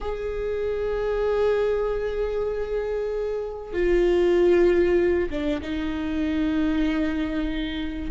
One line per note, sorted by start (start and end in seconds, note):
0.00 3.73 G#4
3.73 5.29 F4
5.30 5.61 D4
5.61 8.11 D#4